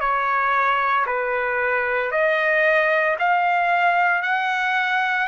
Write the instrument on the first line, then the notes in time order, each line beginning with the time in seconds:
trumpet
0.00 C#5
1.06 B4
2.11 D#5
3.19 F5
4.22 F#5